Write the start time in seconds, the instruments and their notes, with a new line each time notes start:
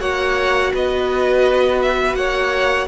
0.00 cello A#3, viola F#4, violin C#5 F#5
0.74 cello B3, violin B4 D#5
1.82 violin E5
2.14 cello A#3, violin C#5 F#5